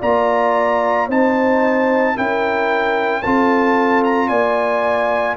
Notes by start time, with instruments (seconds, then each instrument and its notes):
0.00 tuba A#3, trombone F4, horn D5, trumpet A#5
1.07 tuba C4, trombone D#4, horn C5, trumpet A5
2.15 tuba C#4, trombone E4, horn A#4, trumpet G5
3.23 tuba C4, trombone F4, horn A4, trumpet A5
4.04 trumpet A#5
4.28 tuba A#3, horn D5, trumpet G#5